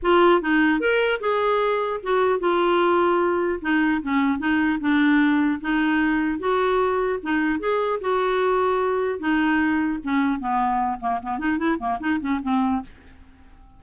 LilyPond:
\new Staff \with { instrumentName = "clarinet" } { \time 4/4 \tempo 4 = 150 f'4 dis'4 ais'4 gis'4~ | gis'4 fis'4 f'2~ | f'4 dis'4 cis'4 dis'4 | d'2 dis'2 |
fis'2 dis'4 gis'4 | fis'2. dis'4~ | dis'4 cis'4 b4. ais8 | b8 dis'8 e'8 ais8 dis'8 cis'8 c'4 | }